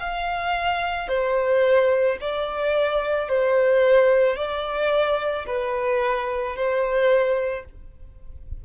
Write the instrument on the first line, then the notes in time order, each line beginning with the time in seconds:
violin
0.00 F5
1.09 C5
2.21 D5
3.29 C5
4.36 D5
5.47 B4
6.56 C5